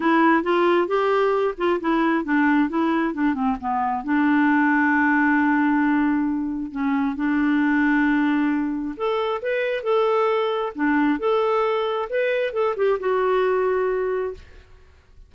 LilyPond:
\new Staff \with { instrumentName = "clarinet" } { \time 4/4 \tempo 4 = 134 e'4 f'4 g'4. f'8 | e'4 d'4 e'4 d'8 c'8 | b4 d'2.~ | d'2. cis'4 |
d'1 | a'4 b'4 a'2 | d'4 a'2 b'4 | a'8 g'8 fis'2. | }